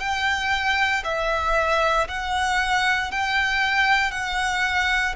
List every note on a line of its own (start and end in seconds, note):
0.00 1.03 G5
1.04 2.08 E5
2.09 3.12 F#5
3.12 4.12 G5
4.12 5.15 F#5